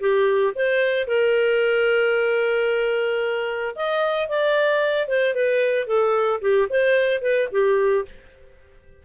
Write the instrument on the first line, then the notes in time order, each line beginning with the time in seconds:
clarinet
0.00 G4
0.55 C5
1.07 A#4
3.75 D#5
4.29 D5
5.08 C5
5.34 B4
5.87 A4
6.41 G4
6.69 C5
7.21 B4
7.51 G4